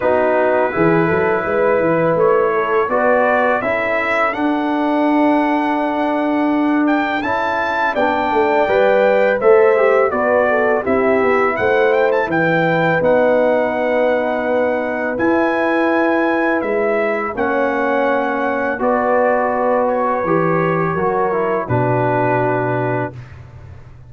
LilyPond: <<
  \new Staff \with { instrumentName = "trumpet" } { \time 4/4 \tempo 4 = 83 b'2. cis''4 | d''4 e''4 fis''2~ | fis''4. g''8 a''4 g''4~ | g''4 e''4 d''4 e''4 |
fis''8 g''16 a''16 g''4 fis''2~ | fis''4 gis''2 e''4 | fis''2 d''4. cis''8~ | cis''2 b'2 | }
  \new Staff \with { instrumentName = "horn" } { \time 4/4 fis'4 gis'8 a'8 b'4. a'8 | b'4 a'2.~ | a'2. d''4~ | d''4 c''4 b'8 a'8 g'4 |
c''4 b'2.~ | b'1 | cis''2 b'2~ | b'4 ais'4 fis'2 | }
  \new Staff \with { instrumentName = "trombone" } { \time 4/4 dis'4 e'2. | fis'4 e'4 d'2~ | d'2 e'4 d'4 | b'4 a'8 g'8 fis'4 e'4~ |
e'2 dis'2~ | dis'4 e'2. | cis'2 fis'2 | g'4 fis'8 e'8 d'2 | }
  \new Staff \with { instrumentName = "tuba" } { \time 4/4 b4 e8 fis8 gis8 e8 a4 | b4 cis'4 d'2~ | d'2 cis'4 b8 a8 | g4 a4 b4 c'8 b8 |
a4 e4 b2~ | b4 e'2 gis4 | ais2 b2 | e4 fis4 b,2 | }
>>